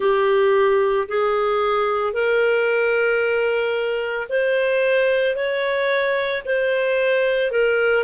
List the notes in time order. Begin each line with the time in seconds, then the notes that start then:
0.00 G4
1.08 G#4
2.13 A#4
4.29 C5
5.35 C#5
6.45 C5
7.50 A#4